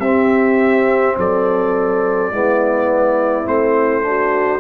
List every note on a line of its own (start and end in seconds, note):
0.00 1.15 C4
0.00 2.32 C4
0.00 1.16 G4
0.00 1.16 E5
1.18 2.31 F#3
1.18 2.32 A4
1.18 3.48 D5
2.31 3.47 G#3
2.31 3.45 B3
2.31 4.05 E4
3.45 4.60 A3
3.45 4.02 C4
3.45 4.60 C5
4.02 4.60 D4
4.02 4.60 F#4